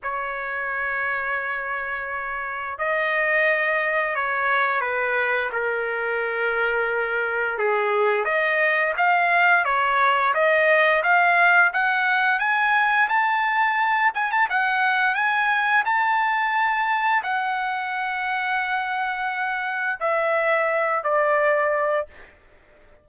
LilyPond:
\new Staff \with { instrumentName = "trumpet" } { \time 4/4 \tempo 4 = 87 cis''1 | dis''2 cis''4 b'4 | ais'2. gis'4 | dis''4 f''4 cis''4 dis''4 |
f''4 fis''4 gis''4 a''4~ | a''8 gis''16 a''16 fis''4 gis''4 a''4~ | a''4 fis''2.~ | fis''4 e''4. d''4. | }